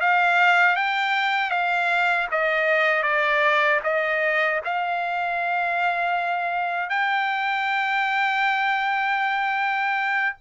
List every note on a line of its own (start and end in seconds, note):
0.00 0.76 F5
0.76 1.50 G5
1.50 2.27 F5
2.31 3.03 D#5
3.03 3.80 D5
3.84 4.60 D#5
4.64 6.89 F5
6.89 10.35 G5